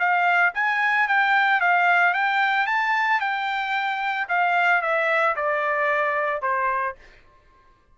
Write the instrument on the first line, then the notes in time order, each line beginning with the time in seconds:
trumpet
0.00 F5
0.55 G#5
1.08 G5
1.61 F5
2.14 G5
2.67 A5
3.21 G5
4.29 F5
4.82 E5
5.36 D5
6.42 C5